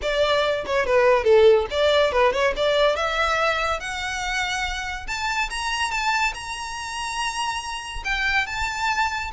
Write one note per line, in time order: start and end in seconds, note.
0.01 0.65 D5
0.65 0.86 C#5
0.86 1.24 B4
1.24 1.66 A4
1.70 2.12 D5
2.12 2.32 B4
2.32 2.54 C#5
2.56 2.96 D5
2.96 3.80 E5
3.80 5.06 F#5
5.07 5.49 A5
5.49 5.91 A#5
5.91 6.33 A5
6.34 8.03 A#5
8.04 8.46 G5
8.46 9.31 A5